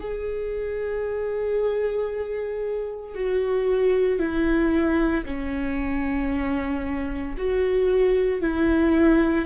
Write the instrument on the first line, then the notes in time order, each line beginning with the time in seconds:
viola
0.00 G#4
3.15 F#4
4.20 E4
5.26 C#4
7.38 F#4
8.42 E4